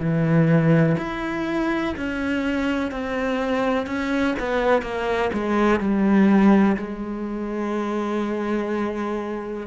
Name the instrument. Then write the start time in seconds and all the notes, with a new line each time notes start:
cello
0.00 E3
0.98 E4
1.97 C#4
2.92 C4
3.87 C#4
4.39 B3
4.83 A#3
5.34 G#3
5.80 G3
6.77 G#3